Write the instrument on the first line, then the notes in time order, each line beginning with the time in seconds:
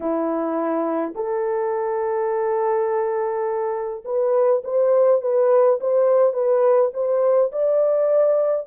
horn
0.00 E4
1.15 A4
4.04 B4
4.64 C5
5.21 B4
5.80 C5
6.33 B4
6.93 C5
7.52 D5